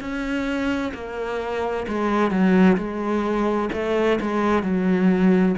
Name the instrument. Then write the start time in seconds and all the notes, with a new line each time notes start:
cello
0.00 C#4
0.94 A#3
1.88 G#3
2.31 F#3
2.77 G#3
3.73 A3
4.20 G#3
4.63 F#3